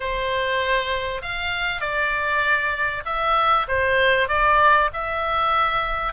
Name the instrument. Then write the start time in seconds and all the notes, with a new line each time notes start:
oboe
0.00 C5
1.22 F5
1.80 D5
3.05 E5
3.68 C5
4.28 D5
4.93 E5